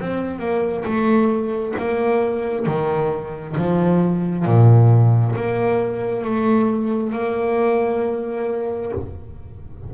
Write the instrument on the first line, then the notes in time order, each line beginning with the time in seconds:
double bass
0.00 C4
0.39 A#3
0.85 A3
1.78 A#3
2.66 D#3
3.57 F3
4.45 A#2
5.35 A#3
6.24 A3
7.13 A#3